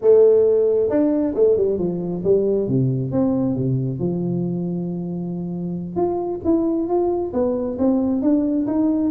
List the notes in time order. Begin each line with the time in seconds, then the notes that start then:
0.01 A3
0.89 D4
1.34 A3
1.56 G3
1.78 F3
2.23 G3
2.68 C3
3.11 C4
3.55 C3
3.99 F3
5.96 F4
6.44 E4
6.87 F4
7.33 B3
7.78 C4
8.22 D4
8.66 D#4